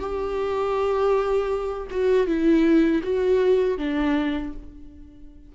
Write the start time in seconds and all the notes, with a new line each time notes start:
0.00 G4
1.91 F#4
2.27 E4
3.03 F#4
3.78 D4